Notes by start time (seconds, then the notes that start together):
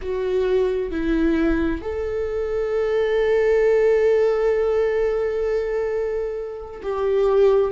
0.01 F#4
0.91 E4
1.81 A4
6.82 G4